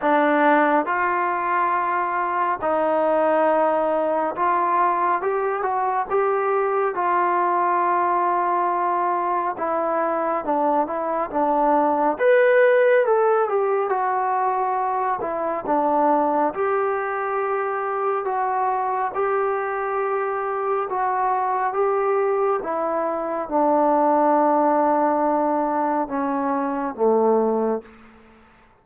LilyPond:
\new Staff \with { instrumentName = "trombone" } { \time 4/4 \tempo 4 = 69 d'4 f'2 dis'4~ | dis'4 f'4 g'8 fis'8 g'4 | f'2. e'4 | d'8 e'8 d'4 b'4 a'8 g'8 |
fis'4. e'8 d'4 g'4~ | g'4 fis'4 g'2 | fis'4 g'4 e'4 d'4~ | d'2 cis'4 a4 | }